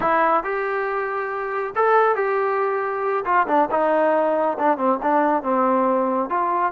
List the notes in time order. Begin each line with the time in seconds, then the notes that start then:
0.00 E4
0.43 G4
1.75 A4
2.15 G4
3.25 F4
3.47 D4
3.70 D#4
4.58 D4
4.77 C4
5.02 D4
5.42 C4
6.29 F4